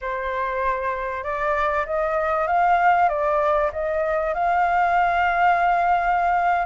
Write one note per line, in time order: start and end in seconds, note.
0.01 1.23 C5
1.23 1.85 D5
1.86 2.47 D#5
2.47 3.08 F5
3.08 3.70 D5
3.72 4.34 D#5
4.34 6.66 F5